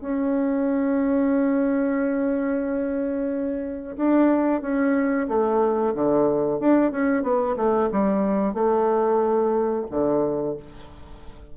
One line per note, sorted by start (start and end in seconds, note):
0.00 3.96 C#4
3.97 4.61 D4
4.61 5.27 C#4
5.28 5.94 A3
5.94 6.60 D3
6.60 6.91 D4
6.91 7.23 C#4
7.23 7.56 B3
7.56 7.89 A3
7.92 8.54 G3
8.54 9.85 A3
9.90 10.56 D3